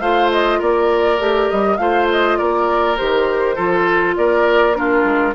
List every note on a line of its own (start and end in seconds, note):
0.00 0.59 A3
0.00 1.18 F4
0.00 0.59 C5
0.00 0.30 F5
0.31 0.61 D#5
0.59 1.19 A#3
0.59 1.77 A#4
0.59 1.50 D5
1.18 1.49 A3
1.18 1.78 G4
1.50 1.78 G3
1.50 1.77 D#5
1.77 2.37 A3
1.77 2.97 F4
1.77 2.38 C5
1.77 2.06 F5
2.11 2.37 D#5
2.37 3.00 A#3
2.37 3.55 A#4
2.37 2.96 D5
2.97 3.57 D#3
2.97 3.56 G4
2.97 4.15 C5
3.55 4.17 F3
3.55 4.74 F4
3.55 4.14 A4
4.16 5.04 A#3
4.16 4.77 A#4
4.16 4.75 D5
4.74 5.33 D4
4.74 5.34 F4
4.74 5.34 A#4
5.04 5.33 G#3